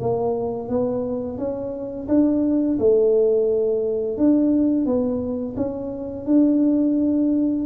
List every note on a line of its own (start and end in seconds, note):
0.00 0.68 A#3
0.68 1.37 B3
1.37 2.07 C#4
2.08 2.78 D4
2.79 4.17 A3
4.17 4.86 D4
4.86 5.55 B3
5.56 6.26 C#4
6.26 7.65 D4